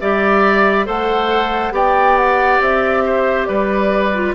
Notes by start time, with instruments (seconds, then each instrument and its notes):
0.00 bassoon G3, clarinet G4, oboe D5, flute E5
0.86 bassoon A3, clarinet A4, oboe C5, flute F#5
1.72 bassoon B3, clarinet G4, oboe D5, flute G5
2.17 flute F#5
2.60 bassoon C4, flute E5
3.05 oboe C5
3.46 bassoon G3, oboe B4, flute D5
4.14 clarinet F4